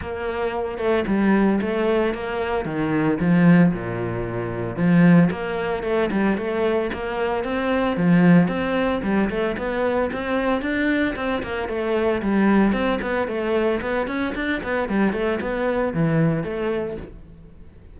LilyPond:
\new Staff \with { instrumentName = "cello" } { \time 4/4 \tempo 4 = 113 ais4. a8 g4 a4 | ais4 dis4 f4 ais,4~ | ais,4 f4 ais4 a8 g8 | a4 ais4 c'4 f4 |
c'4 g8 a8 b4 c'4 | d'4 c'8 ais8 a4 g4 | c'8 b8 a4 b8 cis'8 d'8 b8 | g8 a8 b4 e4 a4 | }